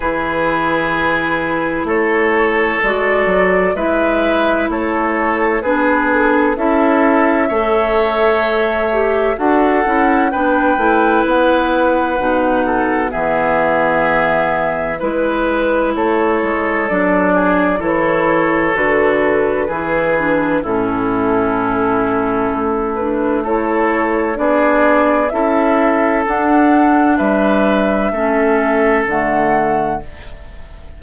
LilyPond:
<<
  \new Staff \with { instrumentName = "flute" } { \time 4/4 \tempo 4 = 64 b'2 cis''4 d''4 | e''4 cis''4 b'8 a'8 e''4~ | e''2 fis''4 g''4 | fis''2 e''2 |
b'4 cis''4 d''4 cis''4 | b'2 a'2~ | a'8 b'8 cis''4 d''4 e''4 | fis''4 e''2 fis''4 | }
  \new Staff \with { instrumentName = "oboe" } { \time 4/4 gis'2 a'2 | b'4 a'4 gis'4 a'4 | cis''2 a'4 b'4~ | b'4. a'8 gis'2 |
b'4 a'4. gis'8 a'4~ | a'4 gis'4 e'2~ | e'4 a'4 gis'4 a'4~ | a'4 b'4 a'2 | }
  \new Staff \with { instrumentName = "clarinet" } { \time 4/4 e'2. fis'4 | e'2 d'4 e'4 | a'4. g'8 fis'8 e'8 d'8 e'8~ | e'4 dis'4 b2 |
e'2 d'4 e'4 | fis'4 e'8 d'8 cis'2~ | cis'8 d'8 e'4 d'4 e'4 | d'2 cis'4 a4 | }
  \new Staff \with { instrumentName = "bassoon" } { \time 4/4 e2 a4 gis8 fis8 | gis4 a4 b4 cis'4 | a2 d'8 cis'8 b8 a8 | b4 b,4 e2 |
gis4 a8 gis8 fis4 e4 | d4 e4 a,2 | a2 b4 cis'4 | d'4 g4 a4 d4 | }
>>